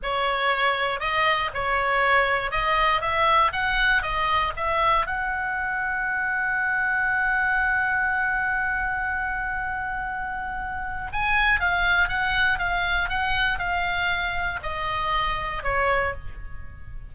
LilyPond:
\new Staff \with { instrumentName = "oboe" } { \time 4/4 \tempo 4 = 119 cis''2 dis''4 cis''4~ | cis''4 dis''4 e''4 fis''4 | dis''4 e''4 fis''2~ | fis''1~ |
fis''1~ | fis''2 gis''4 f''4 | fis''4 f''4 fis''4 f''4~ | f''4 dis''2 cis''4 | }